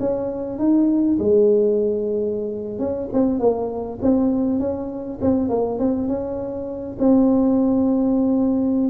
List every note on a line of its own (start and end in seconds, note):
0.00 0.59 C#4
0.59 1.18 D#4
1.19 2.79 G#3
2.79 3.09 C#4
3.13 3.40 C4
3.40 3.99 A#3
4.02 4.60 C4
4.60 5.19 C#4
5.21 5.50 C4
5.50 5.79 A#3
5.79 6.08 C4
6.08 6.97 C#4
6.99 8.90 C4